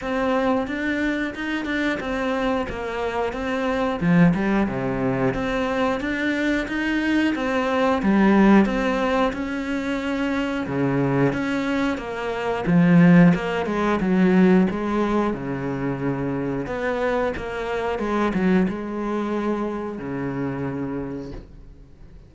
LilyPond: \new Staff \with { instrumentName = "cello" } { \time 4/4 \tempo 4 = 90 c'4 d'4 dis'8 d'8 c'4 | ais4 c'4 f8 g8 c4 | c'4 d'4 dis'4 c'4 | g4 c'4 cis'2 |
cis4 cis'4 ais4 f4 | ais8 gis8 fis4 gis4 cis4~ | cis4 b4 ais4 gis8 fis8 | gis2 cis2 | }